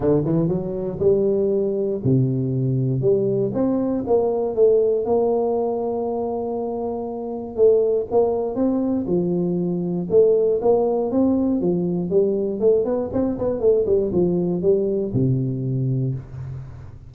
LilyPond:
\new Staff \with { instrumentName = "tuba" } { \time 4/4 \tempo 4 = 119 d8 e8 fis4 g2 | c2 g4 c'4 | ais4 a4 ais2~ | ais2. a4 |
ais4 c'4 f2 | a4 ais4 c'4 f4 | g4 a8 b8 c'8 b8 a8 g8 | f4 g4 c2 | }